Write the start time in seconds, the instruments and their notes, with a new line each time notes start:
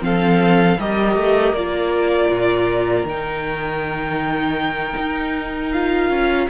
0.00 cello F3, viola C4, violin A4 F5
0.79 cello G3, viola G4, violin A#4 D#5
1.16 cello A3
1.53 cello A#3, viola F4, violin D5
2.30 cello A#2
3.04 cello D#3, viola D#4, violin G5
4.96 cello D#4
5.72 viola F4, violin F5
6.10 cello C#4